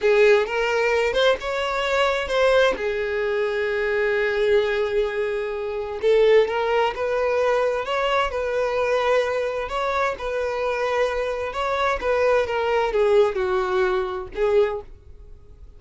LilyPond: \new Staff \with { instrumentName = "violin" } { \time 4/4 \tempo 4 = 130 gis'4 ais'4. c''8 cis''4~ | cis''4 c''4 gis'2~ | gis'1~ | gis'4 a'4 ais'4 b'4~ |
b'4 cis''4 b'2~ | b'4 cis''4 b'2~ | b'4 cis''4 b'4 ais'4 | gis'4 fis'2 gis'4 | }